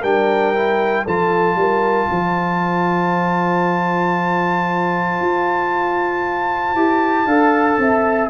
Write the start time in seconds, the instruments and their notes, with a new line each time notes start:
0.00 tuba G3, trombone D4, horn A#4, trumpet G5
0.54 trombone E4
1.05 tuba F3, trombone F4, horn A4, trumpet A5
1.55 tuba G3, horn A#4
2.08 tuba F3, horn C5
5.21 tuba F4
6.75 tuba E4, trombone G4
7.25 tuba D4, trombone A4, horn F5
7.78 tuba C4, horn E5